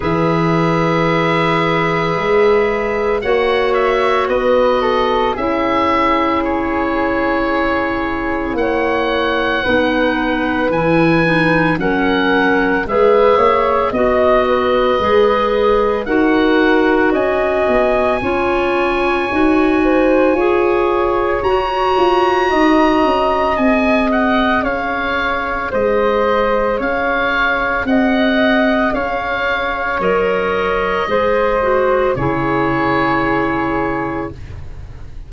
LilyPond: <<
  \new Staff \with { instrumentName = "oboe" } { \time 4/4 \tempo 4 = 56 e''2. fis''8 e''8 | dis''4 e''4 cis''2 | fis''2 gis''4 fis''4 | e''4 dis''2 fis''4 |
gis''1 | ais''2 gis''8 fis''8 f''4 | dis''4 f''4 fis''4 f''4 | dis''2 cis''2 | }
  \new Staff \with { instrumentName = "flute" } { \time 4/4 b'2. cis''4 | b'8 a'8 gis'2. | cis''4 b'2 ais'4 | b'8 cis''8 dis''8 b'4. ais'4 |
dis''4 cis''4. c''8 cis''4~ | cis''4 dis''2 cis''4 | c''4 cis''4 dis''4 cis''4~ | cis''4 c''4 gis'2 | }
  \new Staff \with { instrumentName = "clarinet" } { \time 4/4 gis'2. fis'4~ | fis'4 e'2.~ | e'4 dis'4 e'8 dis'8 cis'4 | gis'4 fis'4 gis'4 fis'4~ |
fis'4 f'4 fis'4 gis'4 | fis'2 gis'2~ | gis'1 | ais'4 gis'8 fis'8 e'2 | }
  \new Staff \with { instrumentName = "tuba" } { \time 4/4 e2 gis4 ais4 | b4 cis'2. | ais4 b4 e4 fis4 | gis8 ais8 b4 gis4 dis'4 |
cis'8 b8 cis'4 dis'4 f'4 | fis'8 f'8 dis'8 cis'8 c'4 cis'4 | gis4 cis'4 c'4 cis'4 | fis4 gis4 cis2 | }
>>